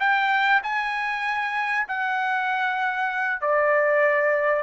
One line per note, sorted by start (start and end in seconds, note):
0.00 0.62 G5
0.63 1.87 G#5
1.88 3.41 F#5
3.41 4.63 D5